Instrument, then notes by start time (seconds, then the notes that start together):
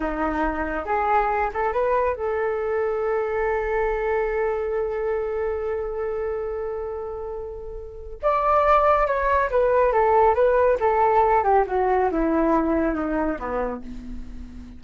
flute
0.00 D#4
0.85 G#4
1.53 A4
1.72 B4
2.15 A4
8.22 D5
9.06 C#5
9.50 B4
9.92 A4
10.35 B4
10.80 A4
11.43 G4
11.67 F#4
12.11 E4
12.94 D#4
13.38 B3